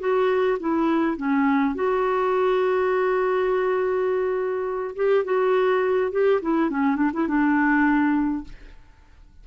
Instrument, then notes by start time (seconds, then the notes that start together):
clarinet
0.00 F#4
0.60 E4
1.17 C#4
1.75 F#4
4.96 G4
5.25 F#4
6.12 G4
6.42 E4
6.70 C#4
6.96 D4
7.13 E4
7.28 D4